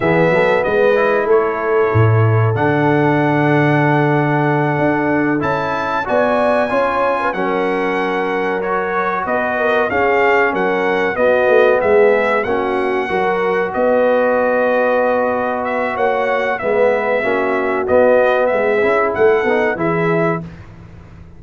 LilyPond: <<
  \new Staff \with { instrumentName = "trumpet" } { \time 4/4 \tempo 4 = 94 e''4 dis''4 cis''2 | fis''1~ | fis''8 a''4 gis''2 fis''8~ | fis''4. cis''4 dis''4 f''8~ |
f''8 fis''4 dis''4 e''4 fis''8~ | fis''4. dis''2~ dis''8~ | dis''8 e''8 fis''4 e''2 | dis''4 e''4 fis''4 e''4 | }
  \new Staff \with { instrumentName = "horn" } { \time 4/4 gis'8 a'8 b'4 a'2~ | a'1~ | a'4. d''4 cis''8. b'16 ais'8~ | ais'2~ ais'8 b'8 ais'8 gis'8~ |
gis'8 ais'4 fis'4 gis'4 fis'8~ | fis'8 ais'4 b'2~ b'8~ | b'4 cis''4 b'4 fis'4~ | fis'4 gis'4 a'4 gis'4 | }
  \new Staff \with { instrumentName = "trombone" } { \time 4/4 b4. e'2~ e'8 | d'1~ | d'8 e'4 fis'4 f'4 cis'8~ | cis'4. fis'2 cis'8~ |
cis'4. b2 cis'8~ | cis'8 fis'2.~ fis'8~ | fis'2 b4 cis'4 | b4. e'4 dis'8 e'4 | }
  \new Staff \with { instrumentName = "tuba" } { \time 4/4 e8 fis8 gis4 a4 a,4 | d2.~ d8 d'8~ | d'8 cis'4 b4 cis'4 fis8~ | fis2~ fis8 b4 cis'8~ |
cis'8 fis4 b8 a8 gis4 ais8~ | ais8 fis4 b2~ b8~ | b4 ais4 gis4 ais4 | b4 gis8 cis'8 a8 b8 e4 | }
>>